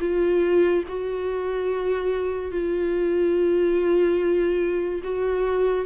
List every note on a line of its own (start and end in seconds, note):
0.00 0.83 F4
0.88 2.51 F#4
2.51 5.01 F4
5.03 5.85 F#4